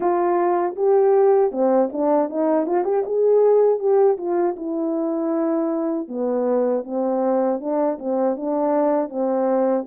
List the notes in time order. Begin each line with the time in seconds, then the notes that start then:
0.00 F4
0.76 G4
1.51 C4
1.92 D4
2.29 D#4
2.66 F4
2.84 G4
3.05 G#4
3.79 G4
4.17 F4
4.56 E4
6.08 B3
6.84 C4
7.59 D4
7.99 C4
8.36 D4
9.09 C4